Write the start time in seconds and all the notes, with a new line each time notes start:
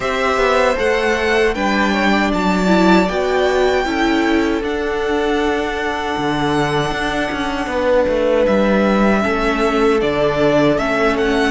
0.00 C4 G4 C5 E5
0.36 B3
0.75 A3 A4 F#5
1.54 G3 D4 B4 G5
1.92 C#5
2.11 D5
2.33 F#3 A5
2.66 E4
3.08 B3 F#4 G5
3.85 C#4 E4 A4
4.61 D4 F#5
6.17 D3
6.91 D4
7.31 C#4
7.67 B3 B4
8.08 A3
8.46 G3 E5
9.21 A3 C#4 A4
10.01 D3 D4 D5
10.77 A3 C#4 E5
11.17 F#5